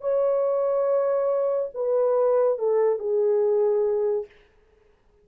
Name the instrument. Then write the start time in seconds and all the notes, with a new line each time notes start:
horn
0.00 C#5
1.74 B4
2.58 A4
2.98 G#4